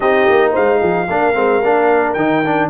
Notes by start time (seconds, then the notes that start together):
0.00 C4 D#4 G4 D#5
0.29 A#3
0.51 G#3 C5 F5
0.80 F3 G#4
1.08 A#3 D4 A#4
1.34 G#3 C4
1.62 A#3 D4
2.13 D#3 D#4 G5
2.44 D4